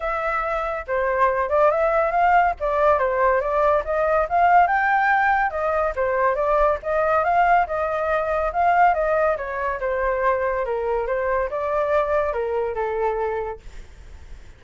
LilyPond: \new Staff \with { instrumentName = "flute" } { \time 4/4 \tempo 4 = 141 e''2 c''4. d''8 | e''4 f''4 d''4 c''4 | d''4 dis''4 f''4 g''4~ | g''4 dis''4 c''4 d''4 |
dis''4 f''4 dis''2 | f''4 dis''4 cis''4 c''4~ | c''4 ais'4 c''4 d''4~ | d''4 ais'4 a'2 | }